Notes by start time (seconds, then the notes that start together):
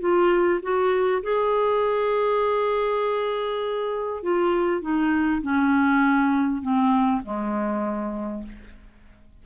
0.00 F4
0.62 F#4
1.23 G#4
4.23 F4
4.82 D#4
5.42 C#4
6.62 C4
7.23 G#3